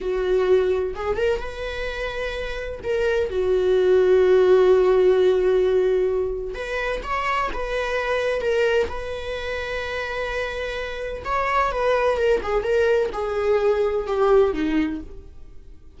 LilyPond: \new Staff \with { instrumentName = "viola" } { \time 4/4 \tempo 4 = 128 fis'2 gis'8 ais'8 b'4~ | b'2 ais'4 fis'4~ | fis'1~ | fis'2 b'4 cis''4 |
b'2 ais'4 b'4~ | b'1 | cis''4 b'4 ais'8 gis'8 ais'4 | gis'2 g'4 dis'4 | }